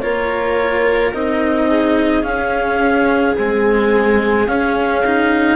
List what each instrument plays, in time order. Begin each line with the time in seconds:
0.00 bassoon A#3, cello F4, viola A#4, clarinet C#5
1.13 bassoon C4, cello D#4, clarinet D#5
1.68 viola G#4
2.22 cello C#4, bassoon C#4, clarinet F5
3.37 cello G#3, bassoon C4, clarinet G#5
4.46 bassoon C#4, cello C#4, clarinet F5
5.05 cello D#4